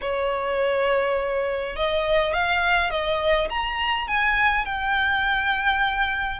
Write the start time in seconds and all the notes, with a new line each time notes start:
0.01 C#5
1.76 D#5
2.33 F5
2.90 D#5
3.49 A#5
4.07 G#5
4.65 G5